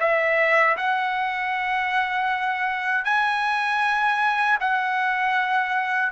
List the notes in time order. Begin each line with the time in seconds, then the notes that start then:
0.00 E5
0.77 F#5
3.05 G#5
4.60 F#5